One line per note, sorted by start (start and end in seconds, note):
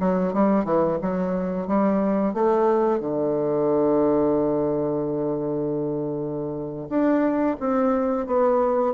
0.00 0.33 F#3
0.33 0.65 G3
0.65 0.99 E3
1.02 1.68 F#3
1.68 2.34 G3
2.34 3.00 A3
3.00 6.88 D3
6.89 7.57 D4
7.60 8.27 C4
8.27 8.94 B3